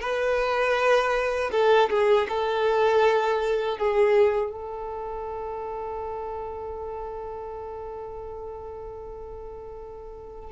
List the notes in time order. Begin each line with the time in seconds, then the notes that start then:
0.00 B4
1.51 A4
1.90 G#4
2.29 A4
3.78 G#4
4.51 A4